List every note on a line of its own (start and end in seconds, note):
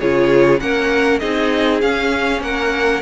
0.00 0.61 C#3
0.00 0.59 F4
0.00 0.61 G#4
0.00 0.60 C#5
0.59 1.21 A#3
0.59 1.20 C#4
0.59 1.21 A#4
0.59 1.19 F#5
1.19 1.82 C4
1.19 1.81 D#4
1.19 2.42 G#4
1.19 1.80 D#5
1.81 3.02 C#4
1.81 2.41 C#4
1.81 2.42 F5
2.41 3.02 A#3
2.41 3.02 A#4
2.41 3.02 F#5